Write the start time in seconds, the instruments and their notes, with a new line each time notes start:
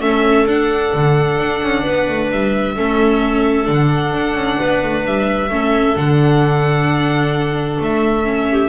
0.00 double bass A3, viola C#4, clarinet A4, violin E5
0.46 double bass D4, viola D4, violin F#5
0.94 double bass D3
1.38 double bass D4
1.62 double bass C#4
1.83 double bass B3, clarinet B4
2.09 double bass A3
2.31 double bass G3, violin E5
2.76 double bass A3, viola C#4, clarinet A4
3.65 double bass D3, viola D4, violin F#5
4.13 double bass D4
4.34 double bass C#4
4.58 double bass B3, clarinet B4
4.83 double bass A3
5.05 double bass G3, violin E5
5.49 double bass A3, viola C#4, clarinet A4
5.96 double bass D3, viola D4, violin F#5
7.80 double bass A3, violin E5
8.24 viola C#4
8.51 clarinet G4